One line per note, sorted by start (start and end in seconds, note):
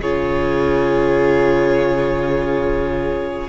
0.00 3.48 C#3
0.00 3.49 F4
0.00 3.49 G#4
0.00 3.49 C#5